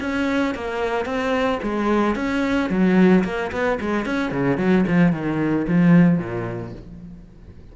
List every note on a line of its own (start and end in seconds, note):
0.00 0.54 C#4
0.54 1.05 A#3
1.05 1.59 C4
1.62 2.15 G#3
2.15 2.69 C#4
2.69 3.23 F#3
3.24 3.51 A#3
3.51 3.78 B3
3.80 4.05 G#3
4.05 4.31 C#4
4.31 4.57 C#3
4.57 4.84 F#3
4.87 5.12 F3
5.12 5.66 D#3
5.68 6.18 F3
6.18 6.72 A#2